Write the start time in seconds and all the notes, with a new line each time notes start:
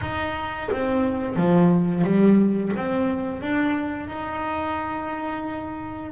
0.01 D#4
0.71 C4
1.36 F3
2.03 G3
2.76 C4
3.41 D4
4.07 D#4